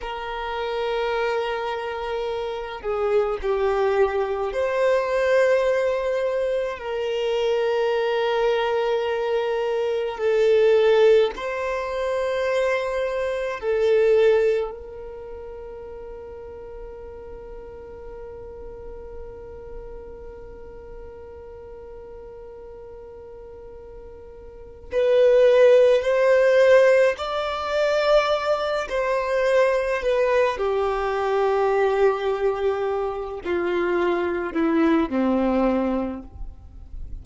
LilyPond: \new Staff \with { instrumentName = "violin" } { \time 4/4 \tempo 4 = 53 ais'2~ ais'8 gis'8 g'4 | c''2 ais'2~ | ais'4 a'4 c''2 | a'4 ais'2.~ |
ais'1~ | ais'2 b'4 c''4 | d''4. c''4 b'8 g'4~ | g'4. f'4 e'8 c'4 | }